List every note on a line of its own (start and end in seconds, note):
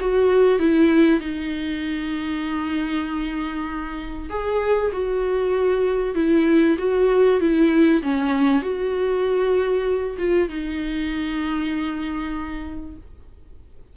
0.00 0.59 F#4
0.59 1.20 E4
1.20 4.29 D#4
4.30 4.92 G#4
4.93 6.15 F#4
6.15 6.77 E4
6.78 7.40 F#4
7.40 8.02 E4
8.02 8.62 C#4
8.62 10.17 F#4
10.18 10.49 F4
10.49 12.96 D#4